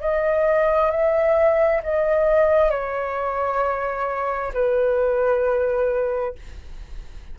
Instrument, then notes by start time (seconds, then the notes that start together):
flute
0.00 D#5
0.90 E5
1.83 D#5
2.70 C#5
4.53 B4